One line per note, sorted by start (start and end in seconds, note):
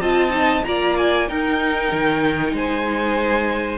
0.00 0.63 C4
0.00 0.30 F4
0.00 0.65 D#5
0.00 0.65 A5
0.30 0.62 D#4
0.65 1.30 A#3
0.65 1.29 F4
0.65 1.28 D5
0.65 0.96 A#5
0.98 1.29 G#5
1.28 3.78 D#4
1.28 1.92 D#4
1.28 2.54 A#4
1.28 2.56 G5
1.92 2.53 D#3
2.53 3.78 G#3
2.53 3.78 C5
2.53 3.78 G#5